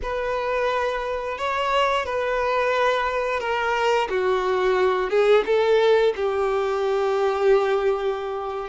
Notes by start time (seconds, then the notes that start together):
0.02 B4
1.38 C#5
2.05 B4
3.39 A#4
4.09 F#4
5.10 G#4
5.45 A4
6.15 G4